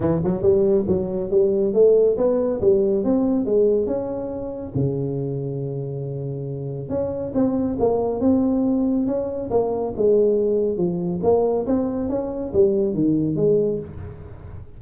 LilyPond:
\new Staff \with { instrumentName = "tuba" } { \time 4/4 \tempo 4 = 139 e8 fis8 g4 fis4 g4 | a4 b4 g4 c'4 | gis4 cis'2 cis4~ | cis1 |
cis'4 c'4 ais4 c'4~ | c'4 cis'4 ais4 gis4~ | gis4 f4 ais4 c'4 | cis'4 g4 dis4 gis4 | }